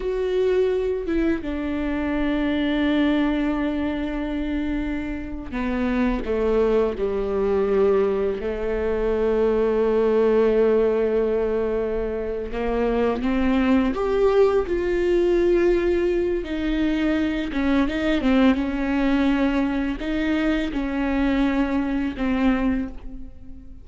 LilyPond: \new Staff \with { instrumentName = "viola" } { \time 4/4 \tempo 4 = 84 fis'4. e'8 d'2~ | d'2.~ d'8. b16~ | b8. a4 g2 a16~ | a1~ |
a4. ais4 c'4 g'8~ | g'8 f'2~ f'8 dis'4~ | dis'8 cis'8 dis'8 c'8 cis'2 | dis'4 cis'2 c'4 | }